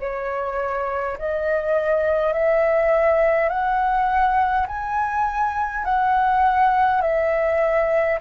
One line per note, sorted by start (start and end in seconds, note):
0.00 1.18 C#5
1.19 2.33 D#5
2.33 3.49 E5
3.49 4.67 F#5
4.67 5.85 G#5
5.85 7.02 F#5
7.02 8.19 E5